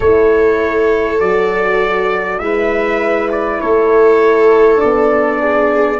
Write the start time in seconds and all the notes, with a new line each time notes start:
0.00 A3 E4 A4 C#5
1.19 F#3 F#4 D5
2.38 G#3 E4 B4 E5
3.31 D5
3.60 A3 A4 C#5
4.76 D4 D5
4.83 B3
5.40 G#4